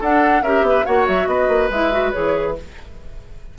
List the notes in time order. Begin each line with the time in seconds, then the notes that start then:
0.00 D4 A4 F#5
0.42 C#4 G4 A#4 E5
0.62 B3
0.69 B4
0.85 A#3 F#4 C#5 F#5
1.07 F#3 E5
1.27 B3 B4 D#5
1.48 A#3
1.70 G#3 E4 E5
1.92 F#4
2.12 E3 G#4 C#5